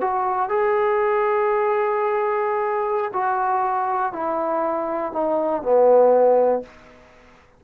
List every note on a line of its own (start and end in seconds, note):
0.00 0.49 F#4
0.49 3.11 G#4
3.13 4.12 F#4
4.12 5.12 E4
5.12 5.62 D#4
5.62 6.62 B3